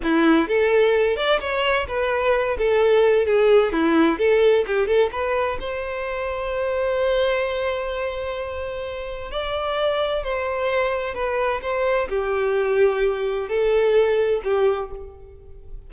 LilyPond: \new Staff \with { instrumentName = "violin" } { \time 4/4 \tempo 4 = 129 e'4 a'4. d''8 cis''4 | b'4. a'4. gis'4 | e'4 a'4 g'8 a'8 b'4 | c''1~ |
c''1 | d''2 c''2 | b'4 c''4 g'2~ | g'4 a'2 g'4 | }